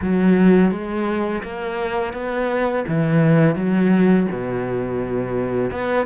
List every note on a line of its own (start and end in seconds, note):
0.01 0.71 F#3
0.71 1.42 G#3
1.43 2.13 A#3
2.13 2.84 B3
2.87 3.55 E3
3.55 4.26 F#3
4.31 5.71 B2
5.71 6.06 B3